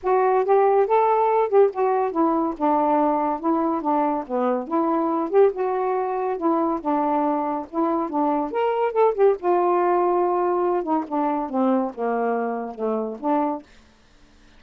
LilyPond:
\new Staff \with { instrumentName = "saxophone" } { \time 4/4 \tempo 4 = 141 fis'4 g'4 a'4. g'8 | fis'4 e'4 d'2 | e'4 d'4 b4 e'4~ | e'8 g'8 fis'2 e'4 |
d'2 e'4 d'4 | ais'4 a'8 g'8 f'2~ | f'4. dis'8 d'4 c'4 | ais2 a4 d'4 | }